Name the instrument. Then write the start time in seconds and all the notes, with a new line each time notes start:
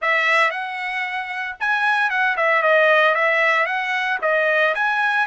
trumpet
0.01 E5
0.50 F#5
1.59 G#5
2.09 F#5
2.36 E5
2.62 D#5
3.15 E5
3.66 F#5
4.21 D#5
4.74 G#5